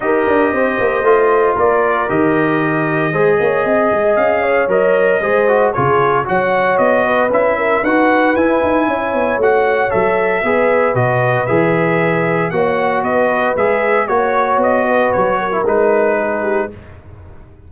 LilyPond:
<<
  \new Staff \with { instrumentName = "trumpet" } { \time 4/4 \tempo 4 = 115 dis''2. d''4 | dis''1 | f''4 dis''2 cis''4 | fis''4 dis''4 e''4 fis''4 |
gis''2 fis''4 e''4~ | e''4 dis''4 e''2 | fis''4 dis''4 e''4 cis''4 | dis''4 cis''4 b'2 | }
  \new Staff \with { instrumentName = "horn" } { \time 4/4 ais'4 c''2 ais'4~ | ais'2 c''8 cis''8 dis''4~ | dis''8 cis''4. c''4 gis'4 | cis''4. b'4 ais'8 b'4~ |
b'4 cis''2. | b'1 | cis''4 b'2 cis''4~ | cis''8 b'4 ais'4. gis'8 g'8 | }
  \new Staff \with { instrumentName = "trombone" } { \time 4/4 g'2 f'2 | g'2 gis'2~ | gis'4 ais'4 gis'8 fis'8 f'4 | fis'2 e'4 fis'4 |
e'2 fis'4 a'4 | gis'4 fis'4 gis'2 | fis'2 gis'4 fis'4~ | fis'4.~ fis'16 e'16 dis'2 | }
  \new Staff \with { instrumentName = "tuba" } { \time 4/4 dis'8 d'8 c'8 ais8 a4 ais4 | dis2 gis8 ais8 c'8 gis8 | cis'4 fis4 gis4 cis4 | fis4 b4 cis'4 dis'4 |
e'8 dis'8 cis'8 b8 a4 fis4 | b4 b,4 e2 | ais4 b4 gis4 ais4 | b4 fis4 gis2 | }
>>